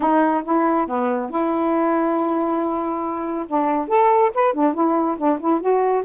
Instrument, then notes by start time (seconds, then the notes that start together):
saxophone
0.00 D#4
0.44 E4
0.87 B3
1.30 E4
3.47 D4
3.88 A4
4.34 B4
4.53 D4
4.74 E4
5.17 D4
5.40 E4
5.61 F#4